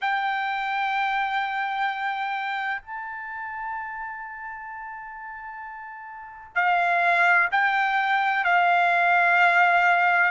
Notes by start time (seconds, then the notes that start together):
0.01 G5
2.81 A5
6.55 F5
7.51 G5
8.44 F5